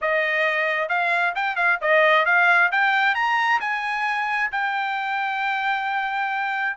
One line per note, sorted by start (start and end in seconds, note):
0.01 0.89 D#5
0.89 1.34 F5
1.35 1.56 G5
1.56 1.78 F5
1.81 2.25 D#5
2.25 2.70 F5
2.71 3.14 G5
3.14 3.59 A#5
3.60 4.50 G#5
4.51 6.76 G5